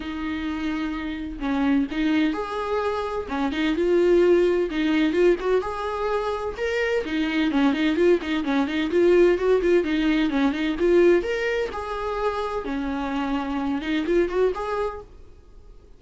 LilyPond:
\new Staff \with { instrumentName = "viola" } { \time 4/4 \tempo 4 = 128 dis'2. cis'4 | dis'4 gis'2 cis'8 dis'8 | f'2 dis'4 f'8 fis'8 | gis'2 ais'4 dis'4 |
cis'8 dis'8 f'8 dis'8 cis'8 dis'8 f'4 | fis'8 f'8 dis'4 cis'8 dis'8 f'4 | ais'4 gis'2 cis'4~ | cis'4. dis'8 f'8 fis'8 gis'4 | }